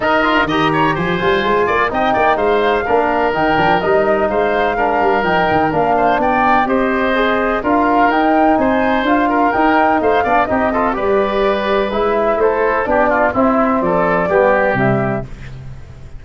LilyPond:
<<
  \new Staff \with { instrumentName = "flute" } { \time 4/4 \tempo 4 = 126 dis''4 ais''4 gis''2 | g''4 f''2 g''4 | dis''4 f''2 g''4 | f''4 g''4 dis''2 |
f''4 g''4 gis''4 f''4 | g''4 f''4 dis''4 d''4~ | d''4 e''4 c''4 d''4 | e''4 d''2 e''4 | }
  \new Staff \with { instrumentName = "oboe" } { \time 4/4 ais'4 dis''8 cis''8 c''4. d''8 | dis''8 d''8 c''4 ais'2~ | ais'4 c''4 ais'2~ | ais'8 c''8 d''4 c''2 |
ais'2 c''4. ais'8~ | ais'4 c''8 d''8 g'8 a'8 b'4~ | b'2 a'4 g'8 f'8 | e'4 a'4 g'2 | }
  \new Staff \with { instrumentName = "trombone" } { \time 4/4 dis'8 f'8 g'4. f'4. | dis'2 d'4 dis'8 d'8 | dis'2 d'4 dis'4 | d'2 g'4 gis'4 |
f'4 dis'2 f'4 | dis'4. d'8 dis'8 f'8 g'4~ | g'4 e'2 d'4 | c'2 b4 g4 | }
  \new Staff \with { instrumentName = "tuba" } { \time 4/4 dis'4 dis4 f8 g8 gis8 ais8 | c'8 ais8 gis4 ais4 dis8 f8 | g4 gis4. g8 f8 dis8 | ais4 b4 c'2 |
d'4 dis'4 c'4 d'4 | dis'4 a8 b8 c'4 g4~ | g4 gis4 a4 b4 | c'4 f4 g4 c4 | }
>>